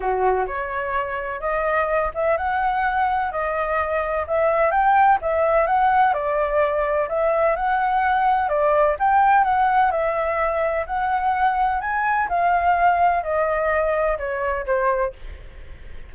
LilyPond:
\new Staff \with { instrumentName = "flute" } { \time 4/4 \tempo 4 = 127 fis'4 cis''2 dis''4~ | dis''8 e''8 fis''2 dis''4~ | dis''4 e''4 g''4 e''4 | fis''4 d''2 e''4 |
fis''2 d''4 g''4 | fis''4 e''2 fis''4~ | fis''4 gis''4 f''2 | dis''2 cis''4 c''4 | }